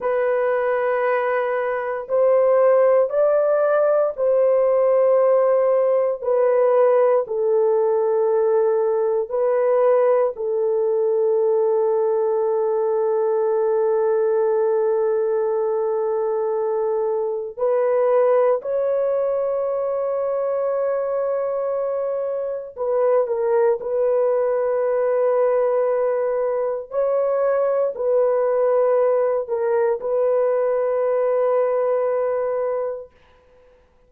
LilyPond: \new Staff \with { instrumentName = "horn" } { \time 4/4 \tempo 4 = 58 b'2 c''4 d''4 | c''2 b'4 a'4~ | a'4 b'4 a'2~ | a'1~ |
a'4 b'4 cis''2~ | cis''2 b'8 ais'8 b'4~ | b'2 cis''4 b'4~ | b'8 ais'8 b'2. | }